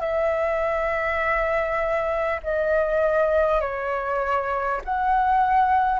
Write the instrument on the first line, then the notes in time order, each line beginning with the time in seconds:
flute
0.00 E5
2.43 D#5
3.61 C#5
4.84 F#5